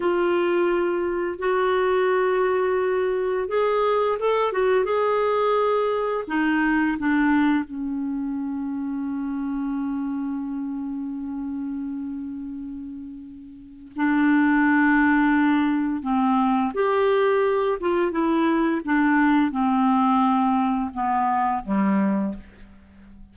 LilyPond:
\new Staff \with { instrumentName = "clarinet" } { \time 4/4 \tempo 4 = 86 f'2 fis'2~ | fis'4 gis'4 a'8 fis'8 gis'4~ | gis'4 dis'4 d'4 cis'4~ | cis'1~ |
cis'1 | d'2. c'4 | g'4. f'8 e'4 d'4 | c'2 b4 g4 | }